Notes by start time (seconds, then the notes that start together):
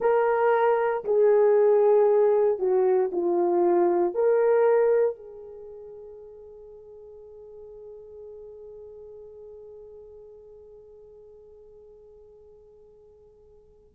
0.00 A#4
1.04 G#4
2.59 F#4
3.11 F4
4.14 A#4
5.15 G#4